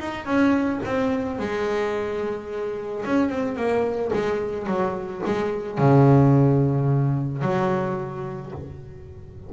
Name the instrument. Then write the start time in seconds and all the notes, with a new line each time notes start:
double bass
0.00 D#4
0.26 C#4
0.85 C4
1.39 G#3
3.06 C#4
3.30 C4
3.57 A#3
4.13 G#3
4.67 F#3
5.26 G#3
5.79 C#3
7.42 F#3